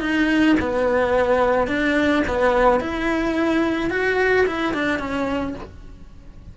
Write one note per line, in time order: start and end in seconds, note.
0.00 0.56 D#4
0.60 1.67 B3
1.67 2.23 D4
2.28 2.80 B3
2.80 3.90 E4
3.90 4.45 F#4
4.46 4.73 E4
4.73 4.99 D4
4.99 5.55 C#4